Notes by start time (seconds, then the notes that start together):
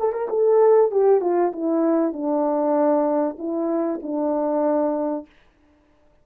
0.00 A4
0.13 A#4
0.30 A4
0.91 G4
1.21 F4
1.53 E4
2.13 D4
3.39 E4
4.03 D4